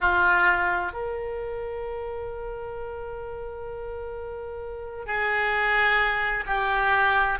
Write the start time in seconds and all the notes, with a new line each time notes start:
0.00 F4
0.92 A#4
5.06 G#4
6.46 G4